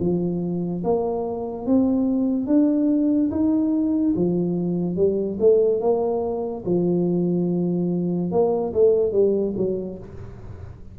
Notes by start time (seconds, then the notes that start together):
0.00 F3
0.84 A#3
1.67 C4
2.47 D4
3.31 D#4
4.16 F3
4.97 G3
5.40 A3
5.81 A#3
6.66 F3
8.32 A#3
8.74 A3
9.12 G3
9.57 F#3